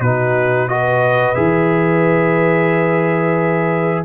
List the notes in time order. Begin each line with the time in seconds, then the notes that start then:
0.00 B2 D#4 F#4 B4
0.68 F#4 B4 D#5
1.35 E3 G#4 E5